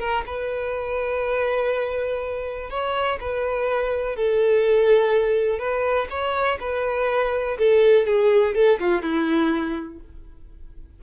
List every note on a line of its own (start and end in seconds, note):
0.00 0.24 A#4
0.27 2.70 B4
2.70 3.19 C#5
3.21 4.16 B4
4.16 5.59 A4
5.59 6.08 B4
6.10 6.59 C#5
6.60 7.58 B4
7.59 8.07 A4
8.07 8.55 G#4
8.55 8.79 A4
8.80 9.02 F4
9.02 10.00 E4